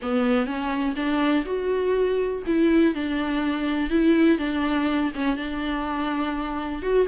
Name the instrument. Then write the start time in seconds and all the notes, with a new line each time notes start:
viola
0.01 B3
0.45 C#4
0.96 D4
1.45 F#4
2.46 E4
2.94 D4
3.89 E4
4.38 D4
5.15 C#4
5.36 D4
6.82 F#4